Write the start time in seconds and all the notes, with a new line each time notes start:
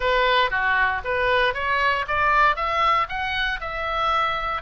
0.00 B4
0.50 F#4
1.04 B4
1.54 C#5
2.07 D5
2.55 E5
3.08 F#5
3.60 E5